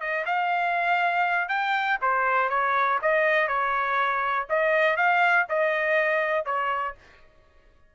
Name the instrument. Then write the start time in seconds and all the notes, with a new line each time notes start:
trumpet
0.00 D#5
0.26 F5
1.48 G5
2.01 C5
2.49 C#5
3.02 D#5
3.48 C#5
4.49 D#5
4.97 F5
5.49 D#5
6.45 C#5